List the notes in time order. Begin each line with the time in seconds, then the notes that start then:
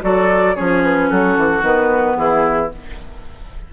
0.00 F#3 F#4 A4 D5
0.55 F3 C#4 G#4 C#5
0.83 B4
1.09 F#3 F#4 A4
1.37 E3
1.62 D#3 B3 B4
2.17 E3 E4 G#4